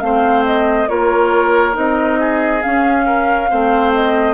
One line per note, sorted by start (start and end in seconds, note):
0.00 0.87 A3
0.00 0.88 C4
0.00 0.89 C5
0.00 0.43 F5
0.45 0.88 D#5
0.88 1.76 A#3
0.88 1.72 F4
0.88 2.19 A#4
0.88 1.75 C#5
1.72 2.63 C4
1.72 2.59 D#4
1.72 2.62 D#5
2.19 3.06 G#4
2.62 3.50 C#4
2.62 3.51 C#4
2.62 3.92 F5
3.06 3.49 A#4
3.50 4.34 A3
3.50 4.34 C4
3.50 4.34 C5
3.94 4.34 D#5